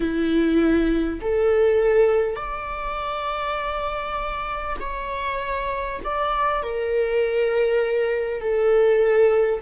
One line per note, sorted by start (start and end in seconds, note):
0.00 1.20 E4
1.21 2.36 A4
2.36 4.76 D5
4.79 5.99 C#5
6.03 6.62 D5
6.62 8.41 A#4
8.41 9.61 A4